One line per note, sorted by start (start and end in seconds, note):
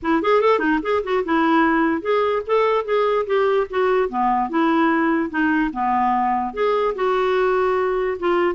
0.02 0.22 E4
0.22 0.41 G#4
0.41 0.59 A4
0.59 0.79 D#4
0.82 1.02 G#4
1.03 1.24 F#4
1.24 2.01 E4
2.01 2.42 G#4
2.46 2.84 A4
2.84 3.25 G#4
3.26 3.67 G4
3.69 4.09 F#4
4.09 4.49 B3
4.49 5.29 E4
5.29 5.70 D#4
5.73 6.53 B3
6.53 6.94 G#4
6.95 8.17 F#4
8.19 8.55 F4